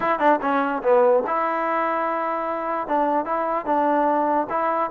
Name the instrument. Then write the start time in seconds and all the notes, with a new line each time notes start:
trombone
0.00 E4
0.19 D4
0.41 C#4
0.82 B3
1.27 E4
2.87 D4
3.25 E4
3.65 D4
4.49 E4